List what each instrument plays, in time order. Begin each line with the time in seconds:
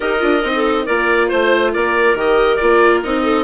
0.00 bassoon D#4, viola G4, clarinet A#4, oboe D#5
0.19 bassoon D4, viola F4
0.43 bassoon C4, viola D#4
0.55 clarinet A4
0.85 bassoon A#3, viola F4, clarinet A#4, oboe D5
1.28 bassoon A3, clarinet C5, oboe C5
1.73 bassoon A#3, clarinet A#4, oboe D5
2.14 bassoon D#3, viola G4, oboe D#5
2.56 bassoon A#3, viola F4, oboe D5
3.03 bassoon C4, viola D#4, oboe D#5
3.23 clarinet A4